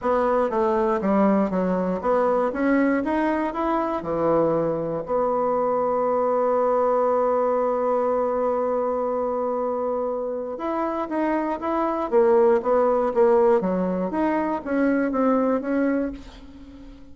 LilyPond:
\new Staff \with { instrumentName = "bassoon" } { \time 4/4 \tempo 4 = 119 b4 a4 g4 fis4 | b4 cis'4 dis'4 e'4 | e2 b2~ | b1~ |
b1~ | b4 e'4 dis'4 e'4 | ais4 b4 ais4 fis4 | dis'4 cis'4 c'4 cis'4 | }